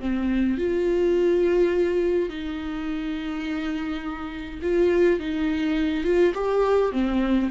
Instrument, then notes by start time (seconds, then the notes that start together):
viola
0.00 C4
0.57 F4
2.29 D#4
4.62 F4
5.19 D#4
6.04 F4
6.35 G4
6.92 C4